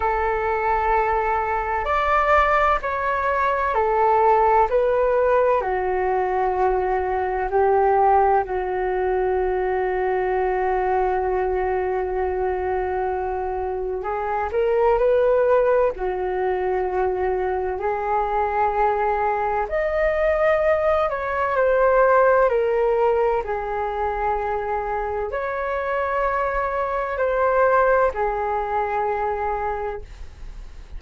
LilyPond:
\new Staff \with { instrumentName = "flute" } { \time 4/4 \tempo 4 = 64 a'2 d''4 cis''4 | a'4 b'4 fis'2 | g'4 fis'2.~ | fis'2. gis'8 ais'8 |
b'4 fis'2 gis'4~ | gis'4 dis''4. cis''8 c''4 | ais'4 gis'2 cis''4~ | cis''4 c''4 gis'2 | }